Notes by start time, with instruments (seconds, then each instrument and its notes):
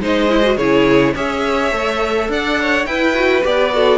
0.00 cello G#3, viola D#4, violin C5 D#5
0.29 viola E4
0.43 viola F#4
0.57 cello C#3, viola E4, violin G#4 C#5
1.14 cello C#4, viola G#4, violin C#5 E5
1.71 cello A3, viola A4
2.28 cello D4, violin D5 F#5
2.61 violin C#5
2.85 cello E4, viola E4, violin B4 G5
3.13 viola F#4
3.42 cello B3, viola G4, violin D5
3.73 viola F#4, violin A4